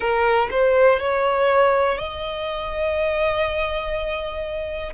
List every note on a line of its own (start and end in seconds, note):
0.00 0.48 A#4
0.50 0.99 C5
0.99 1.98 C#5
1.98 4.93 D#5